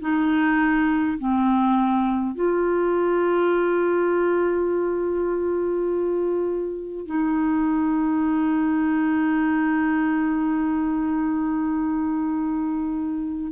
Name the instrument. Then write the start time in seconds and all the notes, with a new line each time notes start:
clarinet
0.00 D#4
1.19 C4
2.35 F4
7.06 D#4